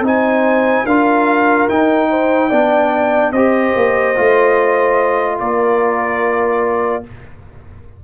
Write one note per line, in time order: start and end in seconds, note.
0.00 0.82 C4
0.00 0.86 D#4
0.00 0.86 C5
0.07 0.86 G#5
0.85 1.68 D4
0.85 1.69 F4
0.85 2.09 A#4
0.85 1.68 F5
1.69 2.51 D#4
1.69 3.32 G5
2.10 2.49 C5
2.49 3.32 B3
2.49 3.34 D4
2.49 3.31 D5
3.32 3.73 C4
3.32 4.16 G4
3.32 5.37 C5
3.32 5.38 D#5
3.76 4.17 A#3
4.16 5.40 A3
4.16 7.03 F4
5.39 7.04 A#3
5.39 7.04 A#4
5.39 7.04 D5